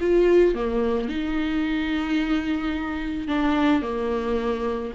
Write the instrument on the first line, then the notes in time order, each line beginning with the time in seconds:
viola
0.00 F4
0.55 A#3
1.08 D#4
3.28 D4
3.82 A#3